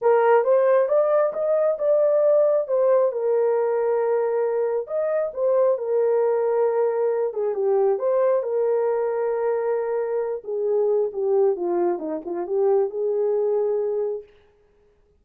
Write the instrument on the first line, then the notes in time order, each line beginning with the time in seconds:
horn
0.01 A#4
0.44 C5
0.88 D5
1.33 D#5
1.78 D5
2.67 C5
3.12 A#4
4.87 D#5
5.33 C5
5.78 A#4
7.33 G#4
7.54 G4
7.99 C5
8.43 A#4
10.44 G#4
11.13 G4
11.56 F4
11.98 D#4
12.25 F4
12.46 G4
12.90 G#4